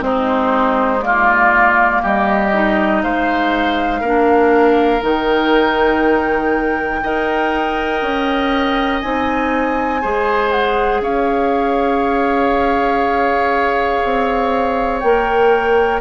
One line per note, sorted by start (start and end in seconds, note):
0.00 2.02 G#3
0.00 1.00 C4
0.00 1.05 D#4
0.00 1.02 C5
1.02 2.52 A#3
1.02 2.02 F4
1.02 2.02 D5
2.02 3.04 G3
2.02 3.02 G4
2.02 3.03 D#5
2.53 4.03 D#4
3.03 4.01 G#3
3.03 4.01 C5
3.03 5.03 F5
4.01 5.01 A#3
4.01 5.01 D4
4.01 7.01 A#4
5.01 7.02 D#3
5.01 7.01 D#4
5.01 9.02 G5
7.03 8.02 D#4
7.03 9.03 A#4
7.03 10.01 D#5
8.02 9.02 C#4
9.02 10.04 C4
9.02 10.02 D#4
9.02 10.52 G#5
10.01 11.01 G#3
10.01 15.02 G#4
10.01 11.01 C5
10.52 11.02 F#5
11.01 14.01 C#4
11.01 16.01 C#5
11.01 15.00 F5
14.05 15.04 C4
15.00 16.01 A#3
15.00 16.01 A#4
15.00 16.00 G5